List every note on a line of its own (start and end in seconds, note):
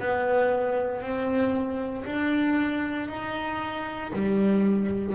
0.00 1.02 B3
1.02 2.05 C4
2.06 3.08 D4
3.08 4.12 D#4
4.13 5.15 G3